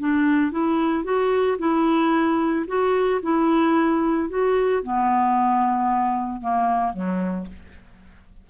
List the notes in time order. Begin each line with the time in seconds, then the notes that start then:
0.00 D4
0.52 E4
1.04 F#4
1.59 E4
2.67 F#4
3.23 E4
4.29 F#4
4.83 B3
6.41 A#3
6.93 F#3